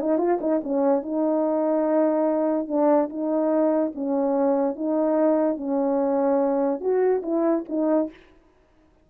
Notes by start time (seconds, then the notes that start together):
0.00 D#4
0.18 F4
0.40 D#4
0.63 C#4
1.02 D#4
2.67 D4
3.10 D#4
3.95 C#4
4.75 D#4
5.57 C#4
6.80 F#4
7.22 E4
7.69 D#4